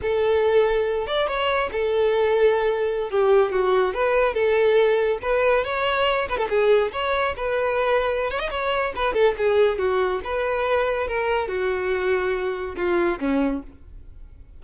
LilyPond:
\new Staff \with { instrumentName = "violin" } { \time 4/4 \tempo 4 = 141 a'2~ a'8 d''8 cis''4 | a'2.~ a'16 g'8.~ | g'16 fis'4 b'4 a'4.~ a'16~ | a'16 b'4 cis''4. b'16 a'16 gis'8.~ |
gis'16 cis''4 b'2~ b'16 cis''16 dis''16 | cis''4 b'8 a'8 gis'4 fis'4 | b'2 ais'4 fis'4~ | fis'2 f'4 cis'4 | }